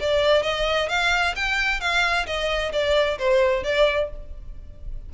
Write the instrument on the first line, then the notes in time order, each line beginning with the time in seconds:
violin
0.00 D5
0.43 D#5
0.89 F5
1.36 G5
1.80 F5
2.26 D#5
2.72 D5
3.18 C5
3.64 D5